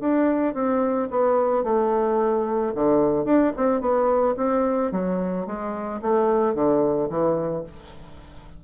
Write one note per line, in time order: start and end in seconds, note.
0.00 0.54 D4
0.54 1.09 C4
1.10 1.64 B3
1.64 2.73 A3
2.75 3.25 D3
3.25 3.52 D4
3.57 3.81 C4
3.81 4.35 B3
4.37 4.91 C4
4.92 5.46 F#3
5.46 6.01 G#3
6.01 6.55 A3
6.55 7.09 D3
7.09 7.64 E3